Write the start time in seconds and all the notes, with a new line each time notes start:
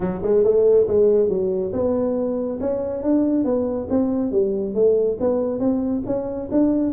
0.00 F#3
0.22 G#3
0.43 A3
0.87 G#3
1.29 F#3
1.73 B3
2.60 C#4
3.02 D4
3.44 B3
3.89 C4
4.31 G3
4.74 A3
5.20 B3
5.59 C4
6.05 C#4
6.51 D4